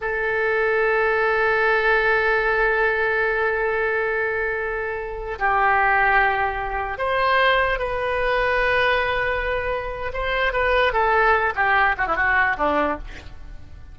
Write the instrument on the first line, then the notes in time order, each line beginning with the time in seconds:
oboe
0.01 A4
5.38 G4
6.98 C5
7.78 B4
10.13 C5
10.52 B4
10.93 A4
11.55 G4
11.97 F#4
12.06 E4
12.15 F#4
12.57 D4